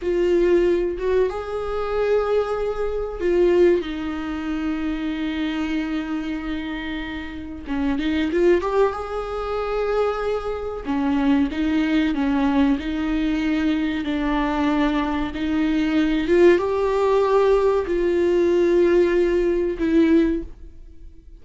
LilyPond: \new Staff \with { instrumentName = "viola" } { \time 4/4 \tempo 4 = 94 f'4. fis'8 gis'2~ | gis'4 f'4 dis'2~ | dis'1 | cis'8 dis'8 f'8 g'8 gis'2~ |
gis'4 cis'4 dis'4 cis'4 | dis'2 d'2 | dis'4. f'8 g'2 | f'2. e'4 | }